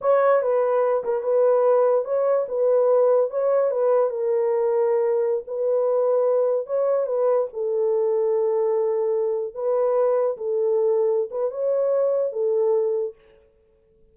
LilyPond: \new Staff \with { instrumentName = "horn" } { \time 4/4 \tempo 4 = 146 cis''4 b'4. ais'8 b'4~ | b'4 cis''4 b'2 | cis''4 b'4 ais'2~ | ais'4~ ais'16 b'2~ b'8.~ |
b'16 cis''4 b'4 a'4.~ a'16~ | a'2.~ a'16 b'8.~ | b'4~ b'16 a'2~ a'16 b'8 | cis''2 a'2 | }